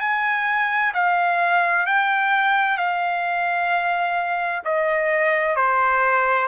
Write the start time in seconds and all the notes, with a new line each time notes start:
0.00 G#5
0.94 F5
1.86 G5
2.77 F5
4.64 D#5
5.56 C5